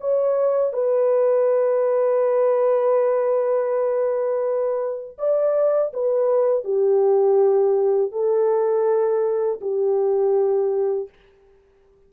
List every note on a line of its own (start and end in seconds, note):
0.00 0.72 C#5
0.72 5.17 B4
5.18 5.92 D5
5.93 6.64 B4
6.64 8.11 G4
8.11 9.59 A4
9.61 11.09 G4